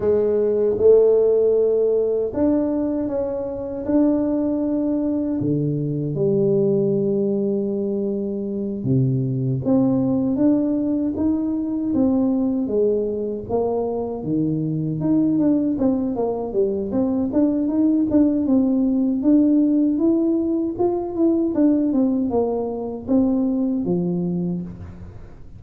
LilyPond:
\new Staff \with { instrumentName = "tuba" } { \time 4/4 \tempo 4 = 78 gis4 a2 d'4 | cis'4 d'2 d4 | g2.~ g8 c8~ | c8 c'4 d'4 dis'4 c'8~ |
c'8 gis4 ais4 dis4 dis'8 | d'8 c'8 ais8 g8 c'8 d'8 dis'8 d'8 | c'4 d'4 e'4 f'8 e'8 | d'8 c'8 ais4 c'4 f4 | }